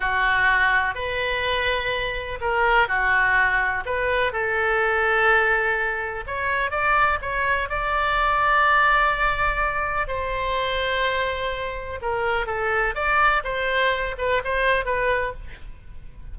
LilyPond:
\new Staff \with { instrumentName = "oboe" } { \time 4/4 \tempo 4 = 125 fis'2 b'2~ | b'4 ais'4 fis'2 | b'4 a'2.~ | a'4 cis''4 d''4 cis''4 |
d''1~ | d''4 c''2.~ | c''4 ais'4 a'4 d''4 | c''4. b'8 c''4 b'4 | }